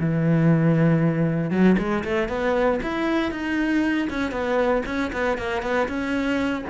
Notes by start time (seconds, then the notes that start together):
0.00 E3
1.51 F#3
1.78 G#3
2.04 A3
2.29 B3
2.83 E4
3.32 D#4
4.10 C#4
4.32 B3
4.86 C#4
5.13 B3
5.38 A#3
5.62 B3
5.88 C#4